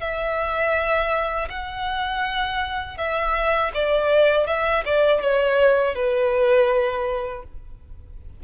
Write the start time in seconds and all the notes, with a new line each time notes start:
0.00 E5
1.49 F#5
2.97 E5
3.74 D5
4.46 E5
4.85 D5
5.21 C#5
5.95 B4